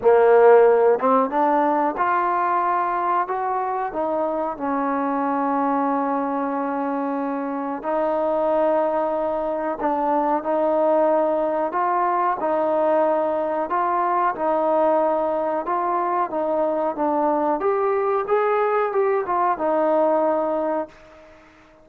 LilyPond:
\new Staff \with { instrumentName = "trombone" } { \time 4/4 \tempo 4 = 92 ais4. c'8 d'4 f'4~ | f'4 fis'4 dis'4 cis'4~ | cis'1 | dis'2. d'4 |
dis'2 f'4 dis'4~ | dis'4 f'4 dis'2 | f'4 dis'4 d'4 g'4 | gis'4 g'8 f'8 dis'2 | }